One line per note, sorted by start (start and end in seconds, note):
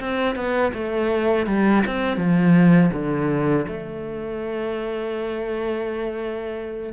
0.00 0.36 C4
0.36 0.72 B3
0.74 1.47 A3
1.47 1.83 G3
1.87 2.17 C4
2.17 2.90 F3
2.93 3.66 D3
3.68 6.93 A3